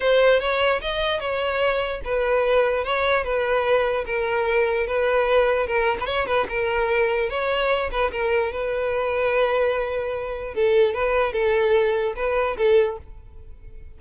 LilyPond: \new Staff \with { instrumentName = "violin" } { \time 4/4 \tempo 4 = 148 c''4 cis''4 dis''4 cis''4~ | cis''4 b'2 cis''4 | b'2 ais'2 | b'2 ais'8. b'16 cis''8 b'8 |
ais'2 cis''4. b'8 | ais'4 b'2.~ | b'2 a'4 b'4 | a'2 b'4 a'4 | }